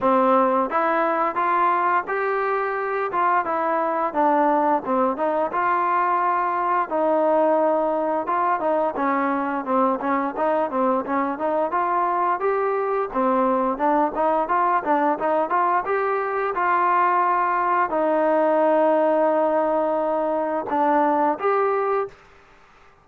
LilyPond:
\new Staff \with { instrumentName = "trombone" } { \time 4/4 \tempo 4 = 87 c'4 e'4 f'4 g'4~ | g'8 f'8 e'4 d'4 c'8 dis'8 | f'2 dis'2 | f'8 dis'8 cis'4 c'8 cis'8 dis'8 c'8 |
cis'8 dis'8 f'4 g'4 c'4 | d'8 dis'8 f'8 d'8 dis'8 f'8 g'4 | f'2 dis'2~ | dis'2 d'4 g'4 | }